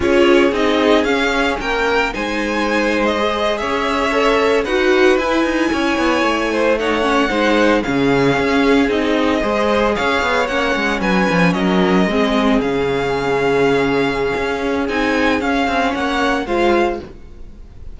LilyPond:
<<
  \new Staff \with { instrumentName = "violin" } { \time 4/4 \tempo 4 = 113 cis''4 dis''4 f''4 g''4 | gis''4.~ gis''16 dis''4 e''4~ e''16~ | e''8. fis''4 gis''2~ gis''16~ | gis''8. fis''2 f''4~ f''16~ |
f''8. dis''2 f''4 fis''16~ | fis''8. gis''4 dis''2 f''16~ | f''1 | gis''4 f''4 fis''4 f''4 | }
  \new Staff \with { instrumentName = "violin" } { \time 4/4 gis'2. ais'4 | c''2~ c''8. cis''4~ cis''16~ | cis''8. b'2 cis''4~ cis''16~ | cis''16 c''8 cis''4 c''4 gis'4~ gis'16~ |
gis'4.~ gis'16 c''4 cis''4~ cis''16~ | cis''8. b'4 ais'4 gis'4~ gis'16~ | gis'1~ | gis'2 cis''4 c''4 | }
  \new Staff \with { instrumentName = "viola" } { \time 4/4 f'4 dis'4 cis'2 | dis'2 gis'4.~ gis'16 a'16~ | a'8. fis'4 e'2~ e'16~ | e'8. dis'8 cis'8 dis'4 cis'4~ cis'16~ |
cis'8. dis'4 gis'2 cis'16~ | cis'2~ cis'8. c'4 cis'16~ | cis'1 | dis'4 cis'2 f'4 | }
  \new Staff \with { instrumentName = "cello" } { \time 4/4 cis'4 c'4 cis'4 ais4 | gis2~ gis8. cis'4~ cis'16~ | cis'8. dis'4 e'8 dis'8 cis'8 b8 a16~ | a4.~ a16 gis4 cis4 cis'16~ |
cis'8. c'4 gis4 cis'8 b8 ais16~ | ais16 gis8 fis8 f8 fis4 gis4 cis16~ | cis2. cis'4 | c'4 cis'8 c'8 ais4 gis4 | }
>>